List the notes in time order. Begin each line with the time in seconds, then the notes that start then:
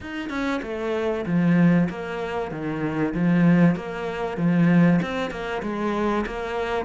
0.00 D#4
0.29 C#4
0.62 A3
1.26 F3
1.89 A#3
2.51 D#3
3.14 F3
3.75 A#3
4.37 F3
5.01 C4
5.30 A#3
5.62 G#3
6.26 A#3